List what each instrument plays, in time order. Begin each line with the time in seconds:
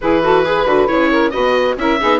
0.01 bassoon E3, viola E4, saxophone G#4, oboe B4
0.22 viola F#4, saxophone A4
0.45 viola G#4, saxophone B4
0.65 bassoon D3, viola F#4
0.87 bassoon C#3, viola E4, oboe C#5
1.10 saxophone A#4
1.30 bassoon B2, viola F#4, saxophone B4, oboe D#5
1.77 bassoon C#4, viola E4, saxophone A#4, oboe E5
1.99 bassoon B3, viola D#4, saxophone G#4